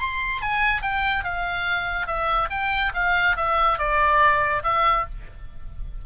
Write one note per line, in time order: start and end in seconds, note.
0.00 0.42 C6
0.42 0.82 G#5
0.82 1.25 G5
1.25 2.07 F5
2.07 2.49 E5
2.51 2.93 G5
2.95 3.37 F5
3.37 3.79 E5
3.79 4.63 D5
4.64 5.06 E5